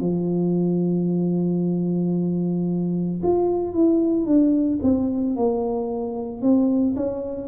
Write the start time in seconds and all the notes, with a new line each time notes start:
0.00 F3
3.23 F4
3.74 E4
4.26 D4
4.82 C4
5.36 A#3
6.41 C4
6.96 C#4